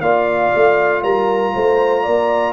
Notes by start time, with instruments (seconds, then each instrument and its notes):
0.00 tuba A#3, trombone F4, horn D5, trumpet F5
0.55 tuba A3
1.03 tuba G3, horn A#4, trumpet A#5
1.54 tuba A3, horn C5
2.03 tuba A#3, horn D5